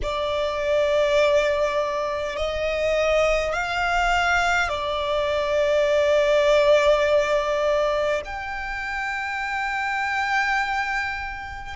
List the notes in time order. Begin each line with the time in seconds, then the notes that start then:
0.02 D5
2.36 D#5
3.53 F5
4.68 D5
8.25 G5